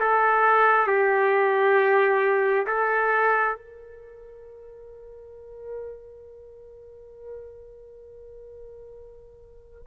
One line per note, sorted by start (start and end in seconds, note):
0.00 0.87 A4
0.87 2.66 G4
2.67 3.56 A4
3.56 9.83 A#4